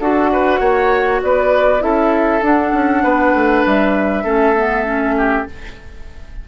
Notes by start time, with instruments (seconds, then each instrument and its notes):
0.00 bassoon D4, clarinet F#4, oboe A4, flute F#5
0.33 oboe B4
0.60 bassoon A#3, oboe C#5
1.23 bassoon B3, oboe B4, flute D5
1.80 bassoon C#4, clarinet E4, oboe A4, flute E5
2.42 bassoon D4, clarinet D4, flute F#5
2.73 bassoon C#4
3.03 bassoon B3, oboe B4
3.34 bassoon A3
3.66 bassoon G3, flute E5
4.24 bassoon A3, clarinet C#4, oboe A4
4.56 clarinet B3
4.85 clarinet C#4
5.17 oboe G4